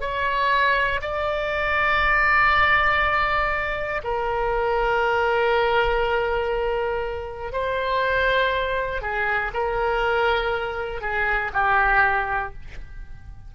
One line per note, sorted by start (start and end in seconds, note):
0.00 1.00 C#5
1.01 4.01 D5
4.04 7.52 A#4
7.52 9.01 C5
9.01 9.51 G#4
9.54 11.01 A#4
11.01 11.51 G#4
11.53 12.53 G4